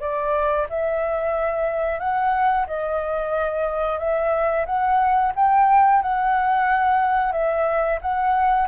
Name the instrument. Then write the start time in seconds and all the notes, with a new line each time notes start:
flute
0.00 D5
0.70 E5
1.99 F#5
2.67 D#5
3.99 E5
4.66 F#5
5.36 G5
6.02 F#5
7.32 E5
8.02 F#5